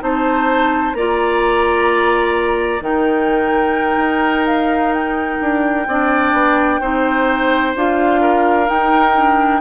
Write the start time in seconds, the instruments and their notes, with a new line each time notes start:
0.00 bassoon C4, clarinet D#4, oboe C5, flute A5
0.94 bassoon A#3, clarinet F4, oboe D5, flute A#5
2.81 bassoon D#3, clarinet D#4, oboe A#4, flute G5
3.97 bassoon D#4
4.47 flute F5
4.94 flute G5
5.41 bassoon D4
5.88 bassoon C4, clarinet D4, oboe D5
6.34 bassoon B3
6.81 bassoon C4, clarinet D#4, oboe C5
7.76 bassoon D4, clarinet F4, flute F5
8.22 oboe A#4
8.66 clarinet D#4, bassoon D#4, flute G5
9.17 clarinet D4